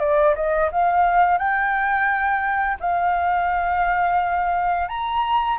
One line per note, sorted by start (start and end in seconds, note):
0.00 0.35 D5
0.36 0.71 D#5
0.72 1.39 F5
1.39 2.78 G5
2.81 4.89 F5
4.89 5.58 A#5